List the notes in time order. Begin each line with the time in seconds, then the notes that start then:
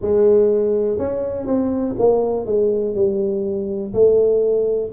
0.00 G#3
0.98 C#4
1.46 C4
1.99 A#3
2.46 G#3
2.95 G3
3.93 A3